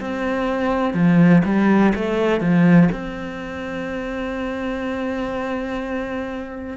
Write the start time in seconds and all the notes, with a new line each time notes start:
0.00 C4
0.94 F3
1.44 G3
1.94 A3
2.40 F3
2.91 C4